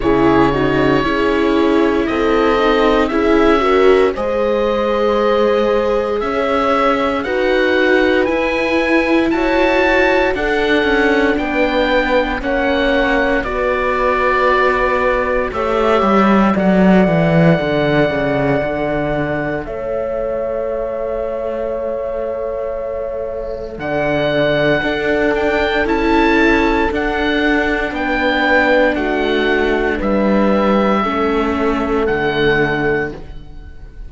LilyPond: <<
  \new Staff \with { instrumentName = "oboe" } { \time 4/4 \tempo 4 = 58 cis''2 dis''4 e''4 | dis''2 e''4 fis''4 | gis''4 a''4 fis''4 g''4 | fis''4 d''2 e''4 |
fis''2. e''4~ | e''2. fis''4~ | fis''8 g''8 a''4 fis''4 g''4 | fis''4 e''2 fis''4 | }
  \new Staff \with { instrumentName = "horn" } { \time 4/4 gis'8 fis'8 gis'4 a'4 gis'8 ais'8 | c''2 cis''4 b'4~ | b'4 cis''4 a'4 b'4 | cis''4 b'2 cis''4 |
d''2. cis''4~ | cis''2. d''4 | a'2. b'4 | fis'4 b'4 a'2 | }
  \new Staff \with { instrumentName = "viola" } { \time 4/4 e'8 dis'8 e'4. dis'8 e'8 fis'8 | gis'2. fis'4 | e'2 d'2 | cis'4 fis'2 g'4 |
a'1~ | a'1 | d'4 e'4 d'2~ | d'2 cis'4 a4 | }
  \new Staff \with { instrumentName = "cello" } { \time 4/4 cis4 cis'4 c'4 cis'4 | gis2 cis'4 dis'4 | e'4 fis'4 d'8 cis'8 b4 | ais4 b2 a8 g8 |
fis8 e8 d8 cis8 d4 a4~ | a2. d4 | d'4 cis'4 d'4 b4 | a4 g4 a4 d4 | }
>>